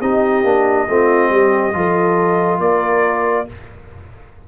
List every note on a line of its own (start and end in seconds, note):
0.00 0.44 C4
0.00 0.44 D#4
0.00 0.87 G4
0.00 2.61 D#5
0.44 0.87 A#3
0.44 0.88 D4
0.89 1.30 A3
0.89 1.73 C4
0.89 1.32 F4
1.30 1.74 G3
1.30 1.75 G4
1.73 2.59 F3
1.73 3.47 F4
1.73 2.61 A4
2.59 3.46 A#3
2.59 3.48 A#4
2.59 3.47 D5